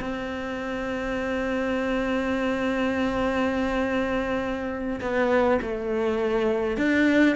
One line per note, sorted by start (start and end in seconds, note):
0.00 5.00 C4
5.01 5.59 B3
5.61 6.77 A3
6.77 7.36 D4